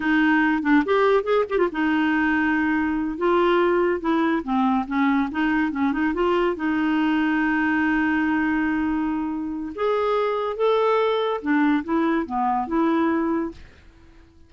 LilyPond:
\new Staff \with { instrumentName = "clarinet" } { \time 4/4 \tempo 4 = 142 dis'4. d'8 g'4 gis'8 g'16 f'16 | dis'2.~ dis'8 f'8~ | f'4. e'4 c'4 cis'8~ | cis'8 dis'4 cis'8 dis'8 f'4 dis'8~ |
dis'1~ | dis'2. gis'4~ | gis'4 a'2 d'4 | e'4 b4 e'2 | }